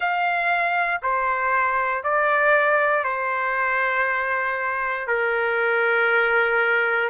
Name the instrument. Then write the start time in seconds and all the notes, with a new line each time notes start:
trumpet
0.00 F5
1.02 C5
2.03 D5
3.04 C5
5.07 A#4